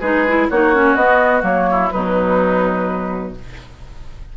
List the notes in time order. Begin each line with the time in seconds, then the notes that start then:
0.00 G#3 D#4 G#4 B4
0.28 E4
0.50 A#3 D#4 F#4 C#5
0.75 C#4
0.95 B3 D#5
1.42 F#3 A#3 C#5
1.71 E4
1.91 B2 F#3 D#4 B4